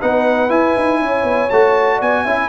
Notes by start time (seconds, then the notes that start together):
0.00 B3 D#4 B4 F#5
0.49 E4 G#5
0.76 D#4
1.00 C#4 C#5
1.24 B3
1.50 A3 F#4 A5
1.97 B3 D5 G#5
2.24 C#4 E4 E5